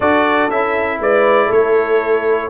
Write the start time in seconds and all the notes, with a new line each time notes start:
0.00 D4 F#4 A4 D5
0.50 C#4 E4 E5
0.99 G#3 B4 D5
1.46 A3 A4
1.52 C#5